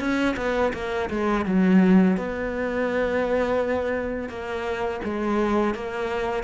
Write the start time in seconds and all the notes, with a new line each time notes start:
0.00 C#4
0.37 B3
0.74 A#3
1.10 G#3
1.46 F#3
2.18 B3
4.29 A#3
5.05 G#3
5.75 A#3